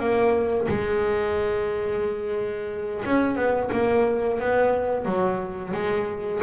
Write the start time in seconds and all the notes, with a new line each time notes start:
0.00 A#3
0.69 G#3
3.06 C#4
3.36 B3
3.72 A#3
4.40 B3
5.05 F#3
5.74 G#3